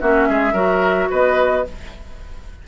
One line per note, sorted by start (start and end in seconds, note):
0.00 0.29 A#3
0.00 0.54 C#4
0.00 0.28 F#4
0.00 1.10 E5
0.28 0.53 G#3
0.28 0.53 G#4
0.53 1.08 F#3
0.53 1.64 F#4
0.53 1.08 A#4
1.10 1.67 B3
1.10 1.65 B4
1.10 1.67 D#5